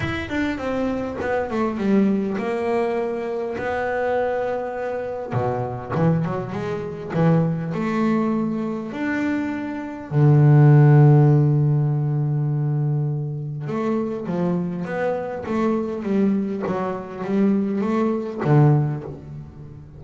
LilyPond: \new Staff \with { instrumentName = "double bass" } { \time 4/4 \tempo 4 = 101 e'8 d'8 c'4 b8 a8 g4 | ais2 b2~ | b4 b,4 e8 fis8 gis4 | e4 a2 d'4~ |
d'4 d2.~ | d2. a4 | f4 b4 a4 g4 | fis4 g4 a4 d4 | }